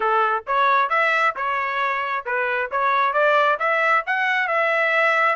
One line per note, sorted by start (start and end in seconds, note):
0.00 0.44 A4
0.46 0.89 C#5
0.89 1.34 E5
1.36 2.25 C#5
2.25 2.70 B4
2.71 3.13 C#5
3.13 3.57 D5
3.59 4.03 E5
4.06 4.47 F#5
4.47 5.35 E5